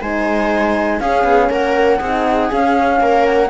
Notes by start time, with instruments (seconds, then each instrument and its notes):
0.00 cello G#3, horn D#4, viola C5, flute G#5
0.99 cello C#4, horn C#4, viola G#4, flute F5
1.23 cello B3
1.49 cello A#3, viola A#4, flute F#5
1.98 cello C4, viola G#4
2.04 horn D#4
2.51 horn C#4, cello C#4, flute F5
3.00 cello A#3, viola A#4
3.25 flute F#5